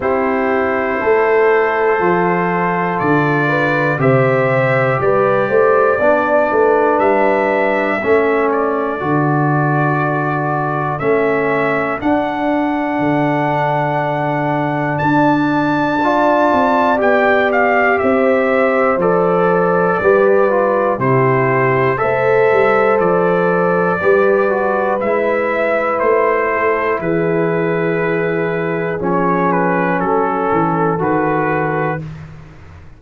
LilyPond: <<
  \new Staff \with { instrumentName = "trumpet" } { \time 4/4 \tempo 4 = 60 c''2. d''4 | e''4 d''2 e''4~ | e''8 d''2~ d''8 e''4 | fis''2. a''4~ |
a''4 g''8 f''8 e''4 d''4~ | d''4 c''4 e''4 d''4~ | d''4 e''4 c''4 b'4~ | b'4 cis''8 b'8 a'4 b'4 | }
  \new Staff \with { instrumentName = "horn" } { \time 4/4 g'4 a'2~ a'8 b'8 | c''4 b'8 c''8 d''8 b'4. | a'1~ | a'1 |
d''2 c''2 | b'4 g'4 c''2 | b'2~ b'8 a'8 gis'4~ | gis'2 a'2 | }
  \new Staff \with { instrumentName = "trombone" } { \time 4/4 e'2 f'2 | g'2 d'2 | cis'4 fis'2 cis'4 | d'1 |
f'4 g'2 a'4 | g'8 f'8 e'4 a'2 | g'8 fis'8 e'2.~ | e'4 cis'2 fis'4 | }
  \new Staff \with { instrumentName = "tuba" } { \time 4/4 c'4 a4 f4 d4 | c4 g8 a8 b8 a8 g4 | a4 d2 a4 | d'4 d2 d'4~ |
d'8 c'8 b4 c'4 f4 | g4 c4 a8 g8 f4 | g4 gis4 a4 e4~ | e4 f4 fis8 e8 dis4 | }
>>